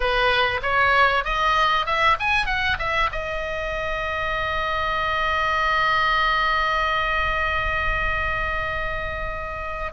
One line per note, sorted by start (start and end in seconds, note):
0.00 0.60 B4
0.62 1.24 C#5
1.24 1.86 D#5
1.86 2.16 E5
2.19 2.46 G#5
2.46 2.77 F#5
2.78 3.09 E5
3.12 9.92 D#5